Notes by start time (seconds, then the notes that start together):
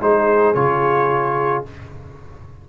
0.00 G#3 D#4 G#4 C5
0.54 C#3 F4 C#5